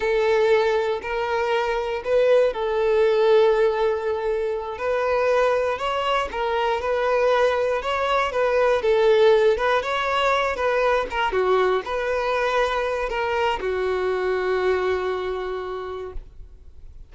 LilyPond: \new Staff \with { instrumentName = "violin" } { \time 4/4 \tempo 4 = 119 a'2 ais'2 | b'4 a'2.~ | a'4. b'2 cis''8~ | cis''8 ais'4 b'2 cis''8~ |
cis''8 b'4 a'4. b'8 cis''8~ | cis''4 b'4 ais'8 fis'4 b'8~ | b'2 ais'4 fis'4~ | fis'1 | }